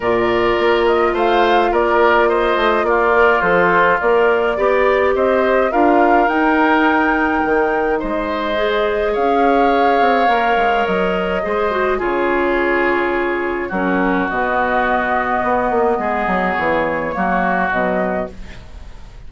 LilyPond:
<<
  \new Staff \with { instrumentName = "flute" } { \time 4/4 \tempo 4 = 105 d''4. dis''8 f''4 d''4 | dis''4 d''4 c''4 d''4~ | d''4 dis''4 f''4 g''4~ | g''2 dis''2 |
f''2. dis''4~ | dis''4 cis''2. | ais'4 dis''2.~ | dis''4 cis''2 dis''4 | }
  \new Staff \with { instrumentName = "oboe" } { \time 4/4 ais'2 c''4 ais'4 | c''4 f'2. | d''4 c''4 ais'2~ | ais'2 c''2 |
cis''1 | c''4 gis'2. | fis'1 | gis'2 fis'2 | }
  \new Staff \with { instrumentName = "clarinet" } { \time 4/4 f'1~ | f'4. ais'8 a'4 ais'4 | g'2 f'4 dis'4~ | dis'2. gis'4~ |
gis'2 ais'2 | gis'8 fis'8 f'2. | cis'4 b2.~ | b2 ais4 fis4 | }
  \new Staff \with { instrumentName = "bassoon" } { \time 4/4 ais,4 ais4 a4 ais4~ | ais8 a8 ais4 f4 ais4 | b4 c'4 d'4 dis'4~ | dis'4 dis4 gis2 |
cis'4. c'8 ais8 gis8 fis4 | gis4 cis2. | fis4 b,2 b8 ais8 | gis8 fis8 e4 fis4 b,4 | }
>>